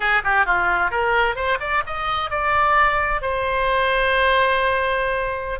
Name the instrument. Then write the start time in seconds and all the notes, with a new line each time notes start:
oboe
0.00 G#4
0.24 G4
0.45 F4
0.90 A#4
1.35 C5
1.60 D5
1.86 D#5
2.30 D5
3.21 C5